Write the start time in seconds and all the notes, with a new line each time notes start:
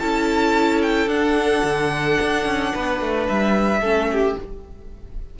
0.00 C#4 E4 A4 A5
0.82 G5
1.07 D4 F#5
1.64 D3
2.22 D4
2.46 C#4
2.75 B3 B4
3.01 A3
3.29 G3 E5
3.81 A3 C#4 A4
4.13 G4